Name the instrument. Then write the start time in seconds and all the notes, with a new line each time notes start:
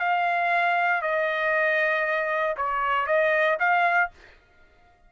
trumpet
0.00 F5
1.02 D#5
2.57 C#5
3.07 D#5
3.60 F5